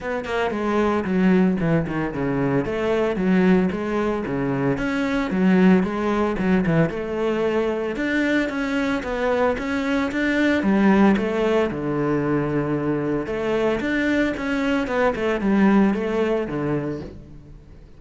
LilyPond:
\new Staff \with { instrumentName = "cello" } { \time 4/4 \tempo 4 = 113 b8 ais8 gis4 fis4 e8 dis8 | cis4 a4 fis4 gis4 | cis4 cis'4 fis4 gis4 | fis8 e8 a2 d'4 |
cis'4 b4 cis'4 d'4 | g4 a4 d2~ | d4 a4 d'4 cis'4 | b8 a8 g4 a4 d4 | }